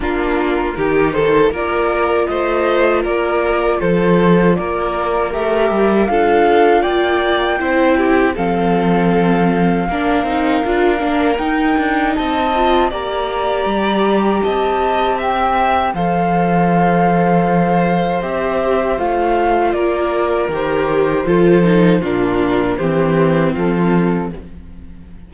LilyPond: <<
  \new Staff \with { instrumentName = "flute" } { \time 4/4 \tempo 4 = 79 ais'4. c''8 d''4 dis''4 | d''4 c''4 d''4 e''4 | f''4 g''2 f''4~ | f''2. g''4 |
a''4 ais''2 a''4 | g''4 f''2. | e''4 f''4 d''4 c''4~ | c''4 ais'4 c''4 a'4 | }
  \new Staff \with { instrumentName = "violin" } { \time 4/4 f'4 g'8 a'8 ais'4 c''4 | ais'4 a'4 ais'2 | a'4 d''4 c''8 g'8 a'4~ | a'4 ais'2. |
dis''4 d''2 dis''4 | e''4 c''2.~ | c''2 ais'2 | a'4 f'4 g'4 f'4 | }
  \new Staff \with { instrumentName = "viola" } { \time 4/4 d'4 dis'4 f'2~ | f'2. g'4 | f'2 e'4 c'4~ | c'4 d'8 dis'8 f'8 d'8 dis'4~ |
dis'8 f'8 g'2.~ | g'4 a'2. | g'4 f'2 g'4 | f'8 dis'8 d'4 c'2 | }
  \new Staff \with { instrumentName = "cello" } { \time 4/4 ais4 dis4 ais4 a4 | ais4 f4 ais4 a8 g8 | d'4 ais4 c'4 f4~ | f4 ais8 c'8 d'8 ais8 dis'8 d'8 |
c'4 ais4 g4 c'4~ | c'4 f2. | c'4 a4 ais4 dis4 | f4 ais,4 e4 f4 | }
>>